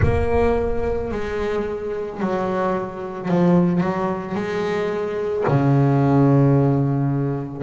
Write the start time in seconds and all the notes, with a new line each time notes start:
0.02 A#3
1.11 G#3
2.20 F#3
3.28 F3
3.80 F#3
4.34 G#3
5.47 C#3